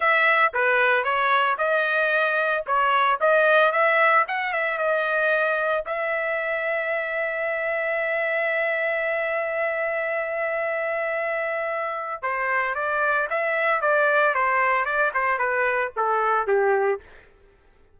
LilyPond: \new Staff \with { instrumentName = "trumpet" } { \time 4/4 \tempo 4 = 113 e''4 b'4 cis''4 dis''4~ | dis''4 cis''4 dis''4 e''4 | fis''8 e''8 dis''2 e''4~ | e''1~ |
e''1~ | e''2. c''4 | d''4 e''4 d''4 c''4 | d''8 c''8 b'4 a'4 g'4 | }